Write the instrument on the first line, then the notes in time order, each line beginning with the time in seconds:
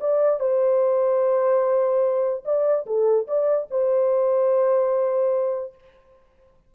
horn
0.00 D5
0.40 C5
2.45 D5
2.86 A4
3.27 D5
3.71 C5